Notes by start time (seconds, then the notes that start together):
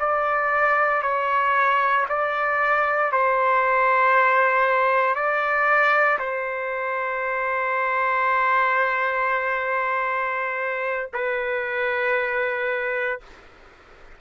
0.00 D5
1.03 C#5
2.09 D5
3.12 C5
5.15 D5
6.19 C5
11.14 B4